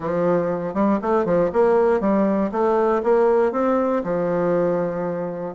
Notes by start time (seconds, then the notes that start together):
0.00 F3
0.74 G3
1.01 A3
1.25 F3
1.52 A#3
2.00 G3
2.51 A3
3.03 A#3
3.52 C4
4.03 F3